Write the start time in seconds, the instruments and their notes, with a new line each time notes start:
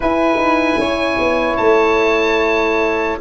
0.00 horn E4, tuba E4, flute B4, oboe G#5
0.35 tuba D#4
0.78 tuba C#4, flute C#5
1.19 tuba B3
1.57 tuba A3, oboe A5